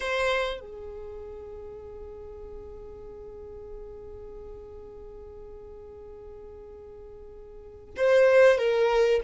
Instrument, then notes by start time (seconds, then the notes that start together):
violin
0.00 C5
0.60 G#4
7.96 C5
8.58 A#4